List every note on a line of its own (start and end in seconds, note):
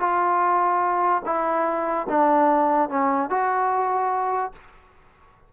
0.00 1.22 F4
1.25 2.07 E4
2.09 2.90 D4
2.90 3.30 C#4
3.30 4.52 F#4